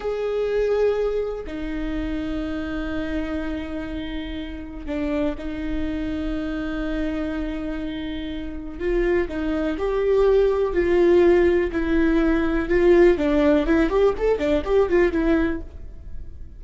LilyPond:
\new Staff \with { instrumentName = "viola" } { \time 4/4 \tempo 4 = 123 gis'2. dis'4~ | dis'1~ | dis'2 d'4 dis'4~ | dis'1~ |
dis'2 f'4 dis'4 | g'2 f'2 | e'2 f'4 d'4 | e'8 g'8 a'8 d'8 g'8 f'8 e'4 | }